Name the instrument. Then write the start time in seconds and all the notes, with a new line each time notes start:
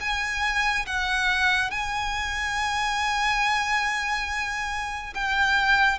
violin
0.00 G#5
0.86 F#5
1.71 G#5
5.14 G5